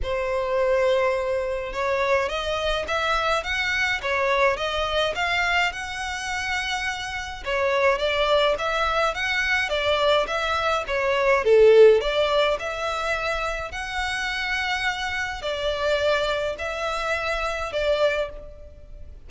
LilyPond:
\new Staff \with { instrumentName = "violin" } { \time 4/4 \tempo 4 = 105 c''2. cis''4 | dis''4 e''4 fis''4 cis''4 | dis''4 f''4 fis''2~ | fis''4 cis''4 d''4 e''4 |
fis''4 d''4 e''4 cis''4 | a'4 d''4 e''2 | fis''2. d''4~ | d''4 e''2 d''4 | }